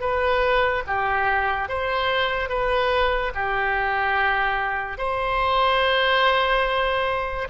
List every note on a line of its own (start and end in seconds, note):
0.00 0.83 B4
0.87 1.69 G4
1.69 2.49 C5
2.49 3.32 B4
3.34 4.98 G4
4.98 7.48 C5